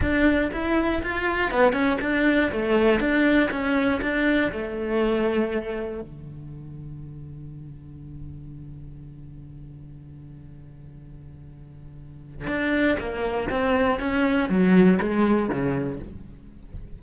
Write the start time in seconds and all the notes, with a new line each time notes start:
0.00 D4
0.52 E4
1.02 F4
1.51 B3
1.72 C#4
2.01 D4
2.51 A3
3.00 D4
3.50 C#4
4.01 D4
4.51 A3
6.01 D3
12.47 D4
12.99 A#3
13.49 C4
13.99 C#4
14.49 F#3
15.00 G#3
15.49 C#3